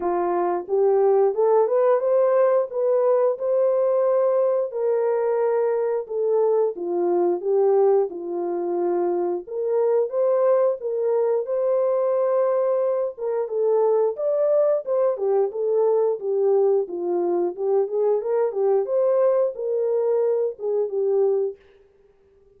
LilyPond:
\new Staff \with { instrumentName = "horn" } { \time 4/4 \tempo 4 = 89 f'4 g'4 a'8 b'8 c''4 | b'4 c''2 ais'4~ | ais'4 a'4 f'4 g'4 | f'2 ais'4 c''4 |
ais'4 c''2~ c''8 ais'8 | a'4 d''4 c''8 g'8 a'4 | g'4 f'4 g'8 gis'8 ais'8 g'8 | c''4 ais'4. gis'8 g'4 | }